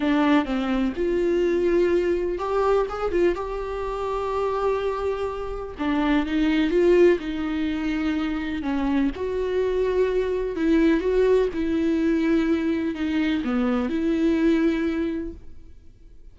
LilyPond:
\new Staff \with { instrumentName = "viola" } { \time 4/4 \tempo 4 = 125 d'4 c'4 f'2~ | f'4 g'4 gis'8 f'8 g'4~ | g'1 | d'4 dis'4 f'4 dis'4~ |
dis'2 cis'4 fis'4~ | fis'2 e'4 fis'4 | e'2. dis'4 | b4 e'2. | }